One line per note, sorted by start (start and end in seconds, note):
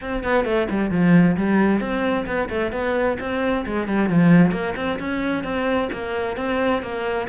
0.01 0.23 C4
0.23 0.44 B3
0.44 0.67 A3
0.70 0.90 G3
0.90 1.36 F3
1.36 1.80 G3
1.80 2.25 C4
2.26 2.49 B3
2.49 2.72 A3
2.72 3.17 B3
3.19 3.65 C4
3.65 3.87 G#3
3.87 4.09 G3
4.09 4.51 F3
4.51 4.74 A#3
4.76 4.98 C4
4.99 5.43 C#4
5.43 5.89 C4
5.92 6.36 A#3
6.36 6.82 C4
6.82 7.27 A#3